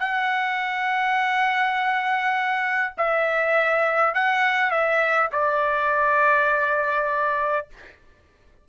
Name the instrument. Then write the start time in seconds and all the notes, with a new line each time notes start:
trumpet
0.00 F#5
2.98 E5
4.15 F#5
4.71 E5
5.33 D5